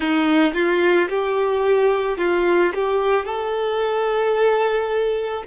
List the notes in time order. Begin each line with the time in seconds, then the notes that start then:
0.00 D#4
0.54 F4
1.09 G4
2.17 F4
2.74 G4
3.25 A4